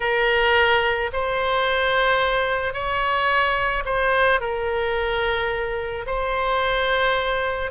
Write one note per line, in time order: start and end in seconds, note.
0.00 1.10 A#4
1.12 2.73 C5
2.73 3.83 C#5
3.85 4.40 C5
4.40 6.05 A#4
6.06 7.71 C5